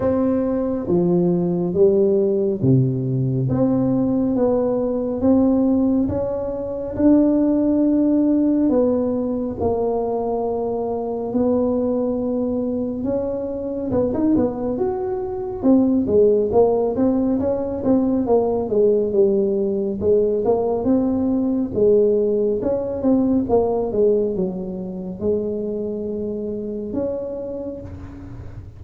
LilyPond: \new Staff \with { instrumentName = "tuba" } { \time 4/4 \tempo 4 = 69 c'4 f4 g4 c4 | c'4 b4 c'4 cis'4 | d'2 b4 ais4~ | ais4 b2 cis'4 |
b16 dis'16 b8 fis'4 c'8 gis8 ais8 c'8 | cis'8 c'8 ais8 gis8 g4 gis8 ais8 | c'4 gis4 cis'8 c'8 ais8 gis8 | fis4 gis2 cis'4 | }